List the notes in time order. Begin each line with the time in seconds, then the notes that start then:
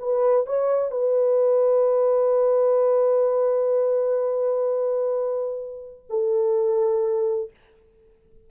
0.00 B4
0.47 C#5
0.92 B4
6.10 A4